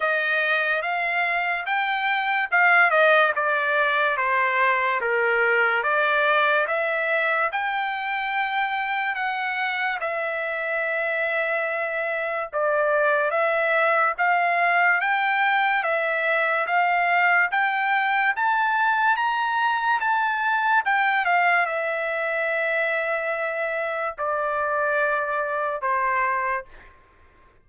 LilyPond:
\new Staff \with { instrumentName = "trumpet" } { \time 4/4 \tempo 4 = 72 dis''4 f''4 g''4 f''8 dis''8 | d''4 c''4 ais'4 d''4 | e''4 g''2 fis''4 | e''2. d''4 |
e''4 f''4 g''4 e''4 | f''4 g''4 a''4 ais''4 | a''4 g''8 f''8 e''2~ | e''4 d''2 c''4 | }